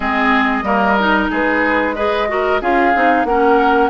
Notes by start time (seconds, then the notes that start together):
0.00 G#3 C4 G#4 D#5
0.62 G3 A#3 A#4
0.99 D#4
1.30 G#3 G#4 B4
1.95 G#4 B4 D#5
2.28 F#4 A#4
2.61 C#4 F4 G#4 F5
2.94 C4 D#4
3.24 A#3 C#4 A#4 F#5